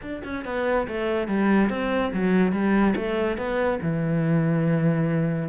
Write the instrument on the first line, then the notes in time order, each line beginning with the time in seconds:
cello
0.01 D4
0.24 C#4
0.44 B3
0.87 A3
1.27 G3
1.69 C4
2.13 F#3
2.52 G3
2.96 A3
3.37 B3
3.81 E3